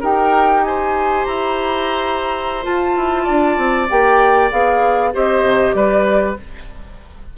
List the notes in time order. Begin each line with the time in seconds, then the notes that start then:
0.00 D#4 G4 A#4 G5
0.64 C5 G#5
1.25 E4 A#5
2.63 F4 A5
2.96 E4
3.24 D4 D5
3.57 C4
3.89 A#3 G4 G5
4.51 B3 G#4 F5
5.13 C4 G4 C5 D#5
5.43 C3
5.74 G3 B4 D5